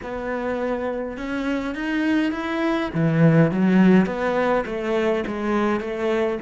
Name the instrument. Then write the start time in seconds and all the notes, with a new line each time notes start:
cello
0.03 B3
1.17 C#4
1.74 D#4
2.31 E4
2.94 E3
3.51 F#3
4.06 B3
4.65 A3
5.26 G#3
5.80 A3